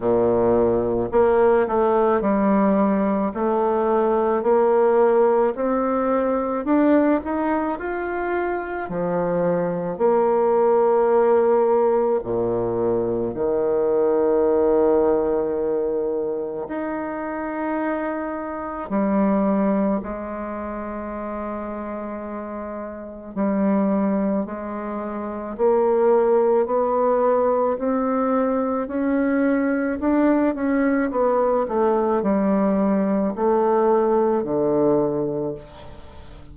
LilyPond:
\new Staff \with { instrumentName = "bassoon" } { \time 4/4 \tempo 4 = 54 ais,4 ais8 a8 g4 a4 | ais4 c'4 d'8 dis'8 f'4 | f4 ais2 ais,4 | dis2. dis'4~ |
dis'4 g4 gis2~ | gis4 g4 gis4 ais4 | b4 c'4 cis'4 d'8 cis'8 | b8 a8 g4 a4 d4 | }